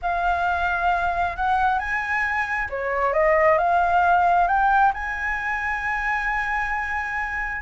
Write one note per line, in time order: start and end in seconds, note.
0.01 1.36 F5
1.36 1.78 F#5
1.78 2.68 G#5
2.69 3.13 C#5
3.13 3.58 D#5
3.58 4.47 F5
4.47 4.92 G5
4.93 7.61 G#5